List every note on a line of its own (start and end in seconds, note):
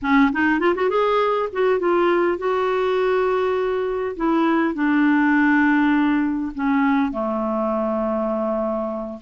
0.02 0.31 C#4
0.32 0.59 D#4
0.59 0.74 F4
0.75 0.89 F#4
0.89 1.49 G#4
1.52 1.79 F#4
1.79 2.38 F4
2.38 4.16 F#4
4.16 4.74 E4
4.74 6.52 D4
6.54 7.11 C#4
7.11 9.19 A3